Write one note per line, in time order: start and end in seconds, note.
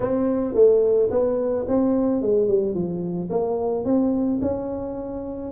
0.00 0.54 C4
0.54 1.09 A3
1.11 1.66 B3
1.68 2.21 C4
2.21 2.48 G#3
2.48 2.74 G3
2.74 3.29 F3
3.30 3.85 A#3
3.85 4.40 C4
4.41 5.51 C#4